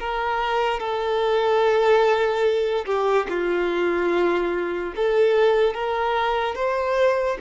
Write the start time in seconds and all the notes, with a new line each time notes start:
0.00 A#4
0.80 A4
2.86 G4
3.30 F4
4.97 A4
5.75 A#4
6.56 C5